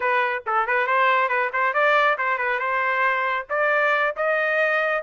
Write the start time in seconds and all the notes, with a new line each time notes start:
0.00 B4
0.46 A4
0.66 B4
0.86 C5
1.28 B4
1.52 C5
1.73 D5
2.18 C5
2.38 B4
2.59 C5
3.49 D5
4.16 D#5